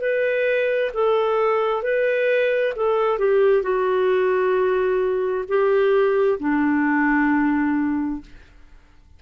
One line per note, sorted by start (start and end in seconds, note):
0.00 0.91 B4
0.94 1.82 A4
1.82 2.73 B4
2.76 3.19 A4
3.19 3.62 G4
3.62 5.44 F#4
5.48 6.39 G4
6.39 8.21 D4